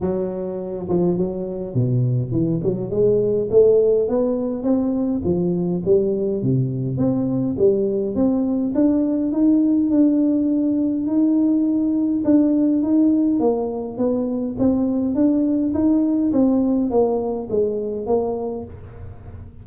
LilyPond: \new Staff \with { instrumentName = "tuba" } { \time 4/4 \tempo 4 = 103 fis4. f8 fis4 b,4 | e8 fis8 gis4 a4 b4 | c'4 f4 g4 c4 | c'4 g4 c'4 d'4 |
dis'4 d'2 dis'4~ | dis'4 d'4 dis'4 ais4 | b4 c'4 d'4 dis'4 | c'4 ais4 gis4 ais4 | }